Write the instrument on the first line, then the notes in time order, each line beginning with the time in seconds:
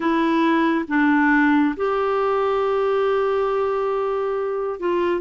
clarinet
0.00 E4
0.88 D4
1.76 G4
4.79 F4